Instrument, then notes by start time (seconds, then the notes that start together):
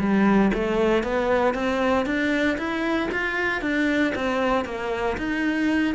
cello
0.00 G3
0.54 A3
1.04 B3
1.54 C4
2.06 D4
2.58 E4
3.12 F4
3.62 D4
4.15 C4
4.66 A#3
5.18 D#4